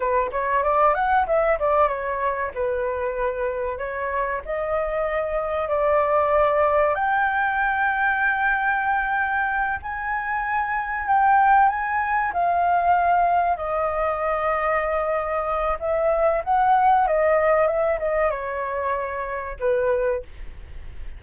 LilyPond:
\new Staff \with { instrumentName = "flute" } { \time 4/4 \tempo 4 = 95 b'8 cis''8 d''8 fis''8 e''8 d''8 cis''4 | b'2 cis''4 dis''4~ | dis''4 d''2 g''4~ | g''2.~ g''8 gis''8~ |
gis''4. g''4 gis''4 f''8~ | f''4. dis''2~ dis''8~ | dis''4 e''4 fis''4 dis''4 | e''8 dis''8 cis''2 b'4 | }